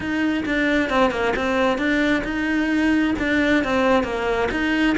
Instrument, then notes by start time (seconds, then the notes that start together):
cello
0.00 D#4
0.45 D4
0.89 C4
1.11 A#3
1.36 C4
1.77 D4
2.24 D#4
3.18 D4
3.64 C4
4.03 A#3
4.51 D#4